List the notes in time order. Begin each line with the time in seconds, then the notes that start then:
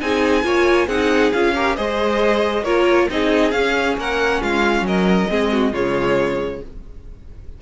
0.00 C4 D#4 G#4 G#5
0.43 A#3 F4 C#5
0.86 C4 D#4 G#4 F#5
1.32 C#4 F4 F5
1.54 G4 A#4
1.75 G#3 G#4 C5 D#5
2.63 A#3 F4 A#4 C#5
3.09 C4 D#4 G#4 D#5
3.50 C#4 F5
3.97 A#3 A#4 F#5
4.41 G#3 F4 F5
4.81 F#3 A#4 D#5
5.28 G#3 C4 G#4
5.52 F#4
5.72 C#3 G#3 F4 C#5